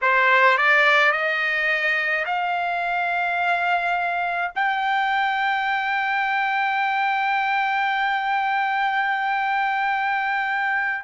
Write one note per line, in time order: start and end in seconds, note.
0.01 0.57 C5
0.57 1.12 D5
1.12 2.25 D#5
2.25 4.52 F5
4.55 11.04 G5